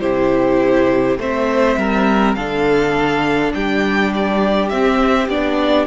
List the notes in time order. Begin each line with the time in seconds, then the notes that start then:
0.00 C3 E4 G4 C5
1.17 A3 C4 C5 E5
1.77 G3 A#4
2.35 D3 D4 A4 F5
3.54 G3 G4 G5
4.14 D5
4.69 C4 E5
5.28 B3 D4 D5